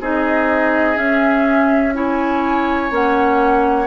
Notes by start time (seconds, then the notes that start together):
0.00 C4 D#4 G#4 D#5
0.95 C#4 E5
1.94 E4 C#5 G#5
2.90 A#3 C#4 F#5